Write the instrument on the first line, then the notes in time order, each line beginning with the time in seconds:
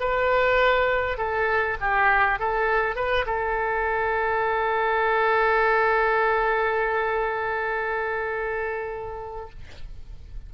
oboe
0.00 B4
1.17 A4
1.80 G4
2.39 A4
2.96 B4
3.26 A4